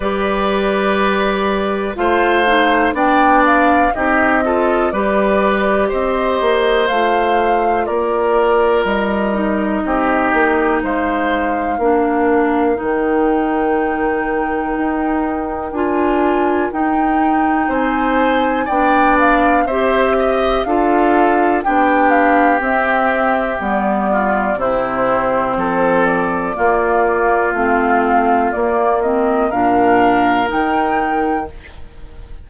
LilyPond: <<
  \new Staff \with { instrumentName = "flute" } { \time 4/4 \tempo 4 = 61 d''2 f''4 g''8 f''8 | dis''4 d''4 dis''4 f''4 | d''4 dis''2 f''4~ | f''4 g''2. |
gis''4 g''4 gis''4 g''8 f''8 | e''4 f''4 g''8 f''8 e''4 | d''4 c''4. d''4. | f''4 d''8 dis''8 f''4 g''4 | }
  \new Staff \with { instrumentName = "oboe" } { \time 4/4 b'2 c''4 d''4 | g'8 a'8 b'4 c''2 | ais'2 g'4 c''4 | ais'1~ |
ais'2 c''4 d''4 | c''8 dis''8 a'4 g'2~ | g'8 f'8 e'4 a'4 f'4~ | f'2 ais'2 | }
  \new Staff \with { instrumentName = "clarinet" } { \time 4/4 g'2 f'8 dis'8 d'4 | dis'8 f'8 g'2 f'4~ | f'4. dis'2~ dis'8 | d'4 dis'2. |
f'4 dis'2 d'4 | g'4 f'4 d'4 c'4 | b4 c'2 ais4 | c'4 ais8 c'8 d'4 dis'4 | }
  \new Staff \with { instrumentName = "bassoon" } { \time 4/4 g2 a4 b4 | c'4 g4 c'8 ais8 a4 | ais4 g4 c'8 ais8 gis4 | ais4 dis2 dis'4 |
d'4 dis'4 c'4 b4 | c'4 d'4 b4 c'4 | g4 c4 f4 ais4 | a4 ais4 ais,4 dis4 | }
>>